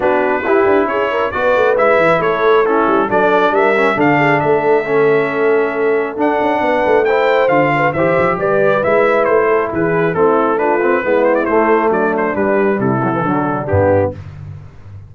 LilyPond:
<<
  \new Staff \with { instrumentName = "trumpet" } { \time 4/4 \tempo 4 = 136 b'2 cis''4 d''4 | e''4 cis''4 a'4 d''4 | e''4 f''4 e''2~ | e''2 fis''2 |
g''4 f''4 e''4 d''4 | e''4 c''4 b'4 a'4 | b'4. c''16 d''16 c''4 d''8 c''8 | b'4 a'2 g'4 | }
  \new Staff \with { instrumentName = "horn" } { \time 4/4 fis'4 g'4 gis'8 ais'8 b'4~ | b'4 a'4 e'4 a'4 | ais'4 a'8 gis'8 a'2~ | a'2. b'4 |
c''4. b'8 c''4 b'4~ | b'4. a'8 gis'4 e'4 | f'4 e'2 d'4~ | d'4 e'4 d'2 | }
  \new Staff \with { instrumentName = "trombone" } { \time 4/4 d'4 e'2 fis'4 | e'2 cis'4 d'4~ | d'8 cis'8 d'2 cis'4~ | cis'2 d'2 |
e'4 f'4 g'2 | e'2. c'4 | d'8 c'8 b4 a2 | g4. fis16 e16 fis4 b4 | }
  \new Staff \with { instrumentName = "tuba" } { \time 4/4 b4 e'8 d'8 cis'4 b8 a8 | gis8 e8 a4. g8 fis4 | g4 d4 a2~ | a2 d'8 cis'8 b8 a8~ |
a4 d4 e8 f8 g4 | gis4 a4 e4 a4~ | a4 gis4 a4 fis4 | g4 c4 d4 g,4 | }
>>